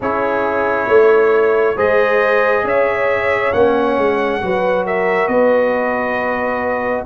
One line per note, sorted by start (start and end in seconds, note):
0.00 0.87 C#4
0.00 1.76 E4
0.00 0.87 G#4
0.00 1.78 C#5
0.87 1.76 A3
0.87 1.75 C#5
1.76 2.63 G#3
1.76 3.53 G#4
1.76 2.64 C5
1.76 2.66 D#5
2.63 3.51 C#4
2.63 4.41 C#5
2.63 3.52 E5
3.52 3.97 A#3
3.52 4.41 C#4
3.52 4.85 F#5
3.97 4.41 G#3
4.41 5.27 F#3
4.41 7.05 F#4
4.41 4.85 B4
4.85 5.29 A#4
4.85 5.27 E5
5.27 7.04 B3
5.27 7.05 B4
5.27 7.04 D#5